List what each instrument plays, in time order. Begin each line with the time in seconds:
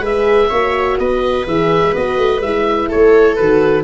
0.00 tuba G#3, horn G#4, viola B4, oboe E5
0.49 tuba A#3, horn F#4, viola C#5
0.98 tuba B3, viola B4, oboe D#5
1.47 tuba E3, horn G#4, oboe E5
1.83 tuba G#3
1.93 tuba B3, horn F#4, oboe D#5
2.17 tuba A3
2.40 tuba G#3, horn E4, oboe E5
2.88 tuba A3, viola A4, oboe C#5
3.36 tuba D#3, horn F#4, oboe B4